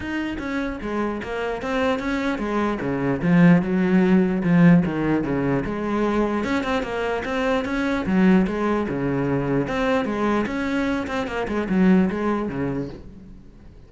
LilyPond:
\new Staff \with { instrumentName = "cello" } { \time 4/4 \tempo 4 = 149 dis'4 cis'4 gis4 ais4 | c'4 cis'4 gis4 cis4 | f4 fis2 f4 | dis4 cis4 gis2 |
cis'8 c'8 ais4 c'4 cis'4 | fis4 gis4 cis2 | c'4 gis4 cis'4. c'8 | ais8 gis8 fis4 gis4 cis4 | }